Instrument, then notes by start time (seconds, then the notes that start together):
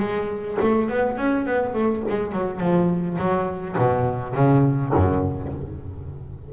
double bass
0.00 G#3
0.61 A3
0.90 B3
1.18 C#4
1.47 B3
1.74 A3
2.10 G#3
2.32 F#3
2.60 F3
3.19 F#3
3.78 B2
4.35 C#3
4.95 F#2